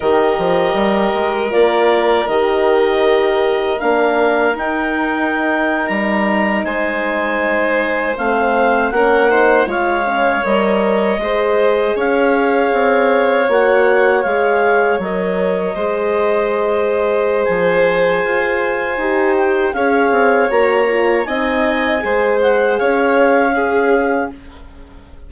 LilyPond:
<<
  \new Staff \with { instrumentName = "clarinet" } { \time 4/4 \tempo 4 = 79 dis''2 d''4 dis''4~ | dis''4 f''4 g''4.~ g''16 ais''16~ | ais''8. gis''2 f''4 fis''16~ | fis''8. f''4 dis''2 f''16~ |
f''4.~ f''16 fis''4 f''4 dis''16~ | dis''2. gis''4~ | gis''4. g''8 f''4 ais''4 | gis''4. fis''8 f''2 | }
  \new Staff \with { instrumentName = "violin" } { \time 4/4 ais'1~ | ais'1~ | ais'8. c''2. ais'16~ | ais'16 c''8 cis''2 c''4 cis''16~ |
cis''1~ | cis''8. c''2.~ c''16~ | c''2 cis''2 | dis''4 c''4 cis''4 gis'4 | }
  \new Staff \with { instrumentName = "horn" } { \time 4/4 g'2 f'4 g'4~ | g'4 d'4 dis'2~ | dis'2~ dis'8. c'4 cis'16~ | cis'16 dis'8 f'8 cis'8 ais'4 gis'4~ gis'16~ |
gis'4.~ gis'16 fis'4 gis'4 ais'16~ | ais'8. gis'2.~ gis'16~ | gis'4 g'4 gis'4 fis'8 f'8 | dis'4 gis'2 cis'4 | }
  \new Staff \with { instrumentName = "bassoon" } { \time 4/4 dis8 f8 g8 gis8 ais4 dis4~ | dis4 ais4 dis'4.~ dis'16 g16~ | g8. gis2 a4 ais16~ | ais8. gis4 g4 gis4 cis'16~ |
cis'8. c'4 ais4 gis4 fis16~ | fis8. gis2~ gis16 f4 | f'4 dis'4 cis'8 c'8 ais4 | c'4 gis4 cis'2 | }
>>